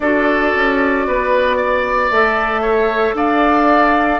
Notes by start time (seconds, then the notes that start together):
0.00 D4 F#4 A4 D5
0.55 C#4
1.07 B3 B4
1.57 D5
2.10 A3 A4 E5
2.61 C#5
3.13 D4 D5 F5